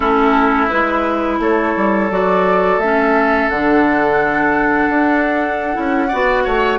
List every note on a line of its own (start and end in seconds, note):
0.00 0.69 A3
0.00 0.69 C#4
0.00 1.39 E4
0.00 0.68 A4
0.69 1.39 G#3
0.69 2.10 E4
0.69 1.39 B4
1.39 1.74 A3
1.39 6.08 A4
1.39 2.11 C#5
1.76 2.10 G3
2.10 2.77 F#3
2.10 2.81 F#4
2.10 2.79 D5
2.77 3.47 A3
2.77 3.52 C#4
2.77 3.49 E5
3.49 4.89 D3
3.49 5.73 D4
3.49 6.78 F#5
4.89 5.76 D4
5.73 6.12 C#4
5.73 6.08 E4
6.08 6.46 B3
6.08 6.78 F#4
6.08 6.43 D5
6.43 6.78 A3
6.43 6.78 C#5